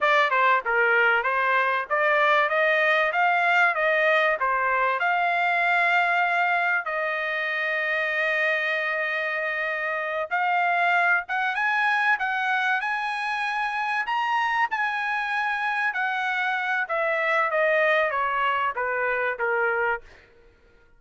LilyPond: \new Staff \with { instrumentName = "trumpet" } { \time 4/4 \tempo 4 = 96 d''8 c''8 ais'4 c''4 d''4 | dis''4 f''4 dis''4 c''4 | f''2. dis''4~ | dis''1~ |
dis''8 f''4. fis''8 gis''4 fis''8~ | fis''8 gis''2 ais''4 gis''8~ | gis''4. fis''4. e''4 | dis''4 cis''4 b'4 ais'4 | }